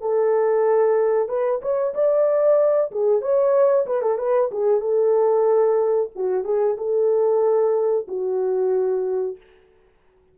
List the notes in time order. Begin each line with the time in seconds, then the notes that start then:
0.00 A4
1.28 B4
1.61 C#5
1.94 D5
2.91 G#4
3.21 C#5
3.86 B4
4.01 A4
4.18 B4
4.51 G#4
4.80 A4
6.15 F#4
6.44 G#4
6.77 A4
8.08 F#4